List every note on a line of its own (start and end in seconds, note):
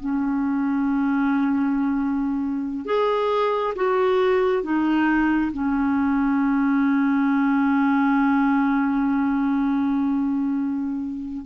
0.00 2.86 C#4
2.86 3.74 G#4
3.75 4.63 F#4
4.63 5.51 D#4
5.52 11.45 C#4